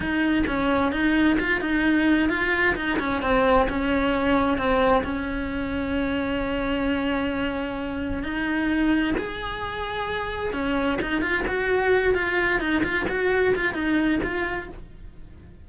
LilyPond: \new Staff \with { instrumentName = "cello" } { \time 4/4 \tempo 4 = 131 dis'4 cis'4 dis'4 f'8 dis'8~ | dis'4 f'4 dis'8 cis'8 c'4 | cis'2 c'4 cis'4~ | cis'1~ |
cis'2 dis'2 | gis'2. cis'4 | dis'8 f'8 fis'4. f'4 dis'8 | f'8 fis'4 f'8 dis'4 f'4 | }